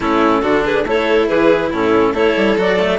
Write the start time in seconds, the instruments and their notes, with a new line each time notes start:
0.00 bassoon A3, cello C#4, violin E4, clarinet A4
0.42 bassoon D3, cello D4, violin F#4
0.64 violin G#4, clarinet B4
0.84 bassoon A3, cello E4, violin A4, clarinet C#5
1.28 bassoon E3, violin G#4, clarinet B4
1.69 bassoon A2, cello C#4, violin E4, clarinet A4
2.12 bassoon A3, cello E4, violin A4, clarinet C#5
2.36 bassoon G3
2.57 bassoon F#3, cello F#4, clarinet D5
2.79 cello A3